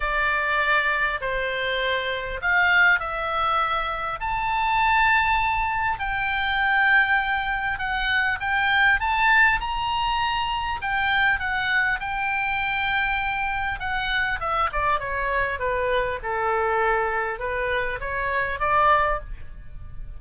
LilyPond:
\new Staff \with { instrumentName = "oboe" } { \time 4/4 \tempo 4 = 100 d''2 c''2 | f''4 e''2 a''4~ | a''2 g''2~ | g''4 fis''4 g''4 a''4 |
ais''2 g''4 fis''4 | g''2. fis''4 | e''8 d''8 cis''4 b'4 a'4~ | a'4 b'4 cis''4 d''4 | }